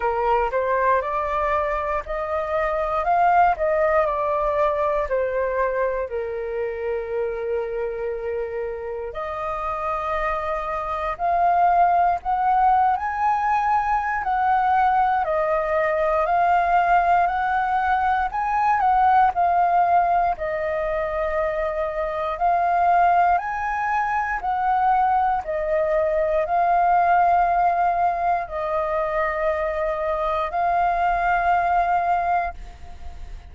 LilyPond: \new Staff \with { instrumentName = "flute" } { \time 4/4 \tempo 4 = 59 ais'8 c''8 d''4 dis''4 f''8 dis''8 | d''4 c''4 ais'2~ | ais'4 dis''2 f''4 | fis''8. gis''4~ gis''16 fis''4 dis''4 |
f''4 fis''4 gis''8 fis''8 f''4 | dis''2 f''4 gis''4 | fis''4 dis''4 f''2 | dis''2 f''2 | }